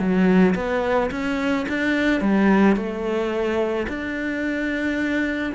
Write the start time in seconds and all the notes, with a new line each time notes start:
0.00 F#3
0.56 B3
1.11 C#4
1.69 D4
2.21 G3
2.77 A3
3.89 D4